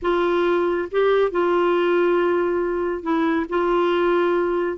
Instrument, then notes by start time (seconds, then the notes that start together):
clarinet
0.01 F4
0.91 G4
1.31 F4
3.02 E4
3.49 F4